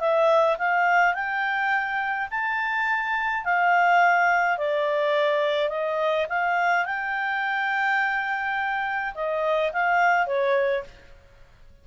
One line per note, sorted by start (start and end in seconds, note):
0.00 0.57 E5
0.58 1.14 F5
1.14 2.29 G5
2.31 3.45 A5
3.45 4.58 F5
4.58 5.69 D5
5.69 6.26 D#5
6.29 6.86 F5
6.86 9.14 G5
9.15 9.72 D#5
9.73 10.27 F5
10.27 10.84 C#5